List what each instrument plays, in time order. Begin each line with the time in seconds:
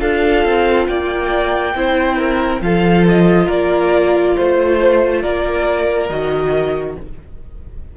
0.00 cello D4, viola F4, violin A4 F5
0.45 cello C4
0.87 cello A#3, violin D5 G5
1.75 cello C4, viola E4, violin C5
2.18 violin A#4
2.61 cello F3, viola F4, violin A4 F5
3.08 violin D#5
3.46 cello A#3, violin A#4 D5
4.37 cello A3, violin C5
5.21 cello A#3, violin A#4 D5
6.09 cello D#3, viola F#4, violin D#5